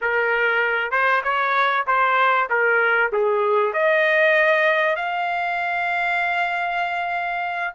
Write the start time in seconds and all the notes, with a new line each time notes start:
0.01 A#4
0.91 C5
1.23 C#5
1.86 C5
2.49 A#4
3.12 G#4
3.73 D#5
4.95 F5